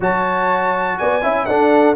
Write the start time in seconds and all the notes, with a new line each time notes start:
0.00 F#3 F#4 C#5 A5
0.98 B3 D5 G#5
1.22 C#4 E4 E5
1.45 D4 A4 F#5